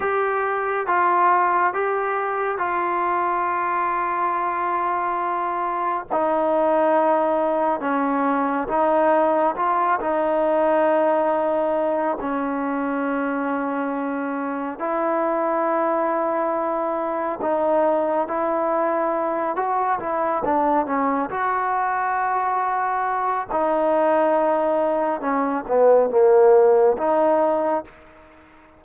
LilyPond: \new Staff \with { instrumentName = "trombone" } { \time 4/4 \tempo 4 = 69 g'4 f'4 g'4 f'4~ | f'2. dis'4~ | dis'4 cis'4 dis'4 f'8 dis'8~ | dis'2 cis'2~ |
cis'4 e'2. | dis'4 e'4. fis'8 e'8 d'8 | cis'8 fis'2~ fis'8 dis'4~ | dis'4 cis'8 b8 ais4 dis'4 | }